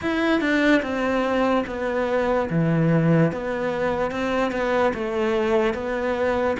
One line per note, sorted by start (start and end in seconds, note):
0.01 0.40 E4
0.40 0.81 D4
0.82 1.64 C4
1.67 2.49 B3
2.50 3.31 E3
3.31 4.11 B3
4.11 4.51 C4
4.51 4.92 B3
4.94 5.73 A3
5.73 6.56 B3